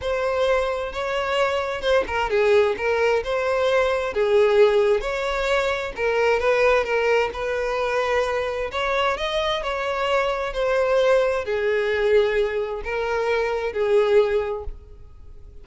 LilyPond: \new Staff \with { instrumentName = "violin" } { \time 4/4 \tempo 4 = 131 c''2 cis''2 | c''8 ais'8 gis'4 ais'4 c''4~ | c''4 gis'2 cis''4~ | cis''4 ais'4 b'4 ais'4 |
b'2. cis''4 | dis''4 cis''2 c''4~ | c''4 gis'2. | ais'2 gis'2 | }